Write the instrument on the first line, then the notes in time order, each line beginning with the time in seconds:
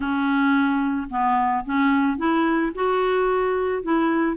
clarinet
0.00 C#4
1.10 B3
1.65 C#4
2.17 E4
2.74 F#4
3.82 E4